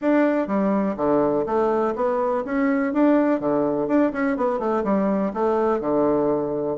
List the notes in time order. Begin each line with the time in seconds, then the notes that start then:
0.01 D4
0.47 G3
0.96 D3
1.46 A3
1.95 B3
2.44 C#4
2.93 D4
3.40 D3
3.87 D4
4.12 C#4
4.36 B3
4.59 A3
4.84 G3
5.33 A3
5.80 D3